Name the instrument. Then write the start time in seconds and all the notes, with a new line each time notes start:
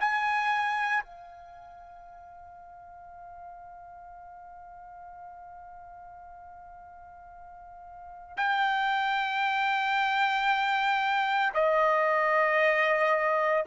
trumpet
0.00 G#5
1.04 F5
8.37 G5
11.54 D#5